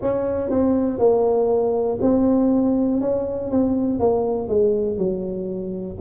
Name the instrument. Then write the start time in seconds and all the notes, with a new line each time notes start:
tuba
0.01 C#4
0.50 C4
0.98 A#3
2.01 C4
3.00 C#4
3.50 C4
3.99 A#3
4.48 G#3
4.97 F#3